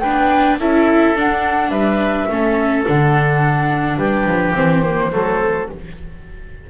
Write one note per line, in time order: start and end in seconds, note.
0.00 0.60 D4
0.00 0.59 B4
0.00 0.57 G5
0.06 0.58 B3
0.58 1.15 C#4
0.58 1.16 E4
0.58 1.71 A4
0.58 1.17 E5
1.16 2.29 D4
1.16 1.69 D4
1.16 1.70 F#5
1.69 2.25 G3
1.69 2.27 B4
1.69 2.83 E5
2.29 2.86 A3
2.29 2.86 C#4
2.29 3.98 A4
2.86 3.97 D3
2.86 4.55 D4
2.86 3.98 F#5
3.97 4.25 G3
3.97 5.11 G4
3.97 4.54 B4
4.26 4.54 F3
4.55 5.12 E3
4.55 4.83 C4
4.55 5.69 C5
4.83 5.11 A#3
5.12 5.69 F#3
5.12 5.69 A3
5.12 5.70 A4